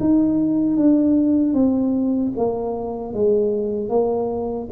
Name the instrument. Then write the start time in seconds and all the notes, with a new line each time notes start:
tuba
0.00 D#4
0.77 D4
1.54 C4
2.37 A#3
3.14 G#3
3.89 A#3